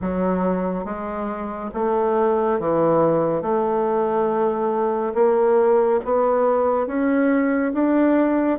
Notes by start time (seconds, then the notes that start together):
0.01 F#3
0.85 G#3
1.74 A3
2.59 E3
3.42 A3
5.14 A#3
6.04 B3
6.86 C#4
7.73 D4